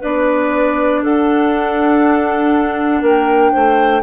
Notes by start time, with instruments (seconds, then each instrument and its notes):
0.00 bassoon B3, clarinet D4 B4, flute D5
1.02 bassoon D4, clarinet A4, flute F#5
3.01 bassoon A#3, clarinet A#4, flute G5
3.52 bassoon A3, clarinet C5